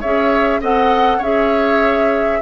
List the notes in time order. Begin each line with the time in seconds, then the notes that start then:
0.00 C#4 G#4 C#5 E5
0.60 C4 A4 D#5 F#5
1.18 C#4 G#4 C#5 E5